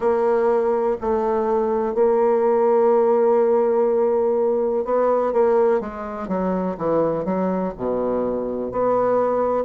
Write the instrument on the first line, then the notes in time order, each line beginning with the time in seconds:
bassoon
0.00 A#3
1.00 A3
1.94 A#3
4.84 B3
5.32 A#3
5.80 G#3
6.28 F#3
6.77 E3
7.24 F#3
7.77 B2
8.71 B3